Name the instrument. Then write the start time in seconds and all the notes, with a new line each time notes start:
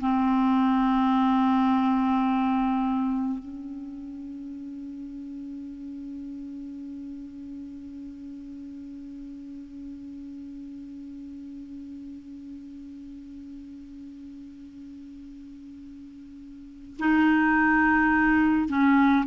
clarinet
0.00 C4
3.39 C#4
16.99 D#4
18.68 C#4